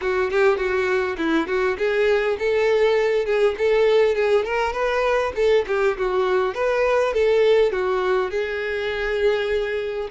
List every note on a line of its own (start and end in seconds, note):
0.01 0.31 F#4
0.31 0.57 G4
0.57 1.16 F#4
1.17 1.47 E4
1.47 1.77 F#4
1.77 2.37 G#4
2.38 3.25 A4
3.25 3.55 G#4
3.58 4.15 A4
4.15 4.44 G#4
4.44 4.72 A#4
4.72 5.32 B4
5.35 5.65 A4
5.67 5.97 G4
5.97 6.54 F#4
6.54 7.13 B4
7.13 7.72 A4
7.72 8.30 F#4
8.30 10.08 G#4